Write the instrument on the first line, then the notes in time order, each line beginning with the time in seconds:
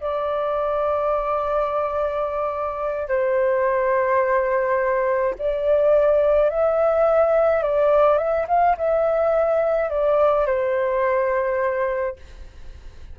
flute
0.00 D5
3.08 C5
5.39 D5
6.50 E5
7.63 D5
8.18 E5
8.48 F5
8.77 E5
9.90 D5
10.46 C5